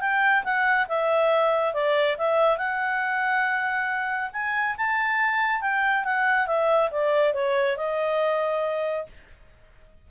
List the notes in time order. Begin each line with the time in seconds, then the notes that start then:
0.00 G5
0.44 F#5
0.88 E5
1.74 D5
2.17 E5
2.57 F#5
4.32 G#5
4.77 A5
5.61 G5
6.04 F#5
6.47 E5
6.90 D5
7.33 C#5
7.77 D#5